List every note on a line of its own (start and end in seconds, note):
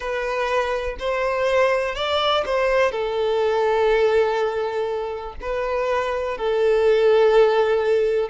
0.00 0.96 B4
0.99 1.95 C5
1.95 2.43 D5
2.45 2.91 C5
2.91 5.35 A4
5.41 6.37 B4
6.37 8.29 A4